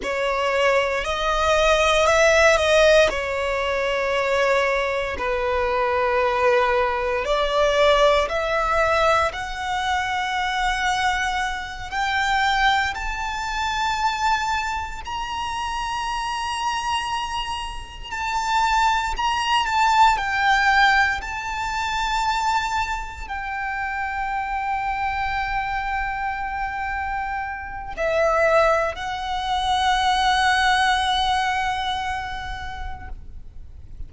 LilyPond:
\new Staff \with { instrumentName = "violin" } { \time 4/4 \tempo 4 = 58 cis''4 dis''4 e''8 dis''8 cis''4~ | cis''4 b'2 d''4 | e''4 fis''2~ fis''8 g''8~ | g''8 a''2 ais''4.~ |
ais''4. a''4 ais''8 a''8 g''8~ | g''8 a''2 g''4.~ | g''2. e''4 | fis''1 | }